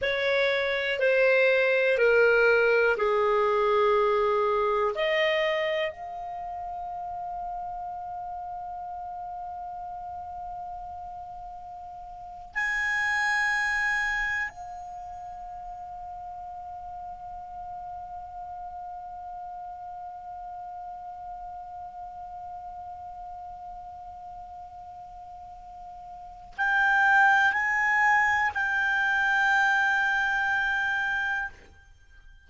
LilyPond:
\new Staff \with { instrumentName = "clarinet" } { \time 4/4 \tempo 4 = 61 cis''4 c''4 ais'4 gis'4~ | gis'4 dis''4 f''2~ | f''1~ | f''8. gis''2 f''4~ f''16~ |
f''1~ | f''1~ | f''2. g''4 | gis''4 g''2. | }